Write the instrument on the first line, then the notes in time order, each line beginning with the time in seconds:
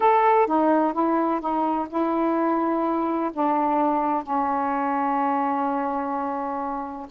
saxophone
0.00 A4
0.46 D#4
0.93 E4
1.40 D#4
1.89 E4
3.33 D4
4.23 C#4